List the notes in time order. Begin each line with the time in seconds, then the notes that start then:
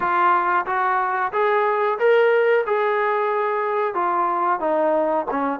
0.00 F4
0.66 F#4
1.32 G#4
1.98 A#4
2.66 G#4
3.94 F4
4.60 D#4
5.30 C#4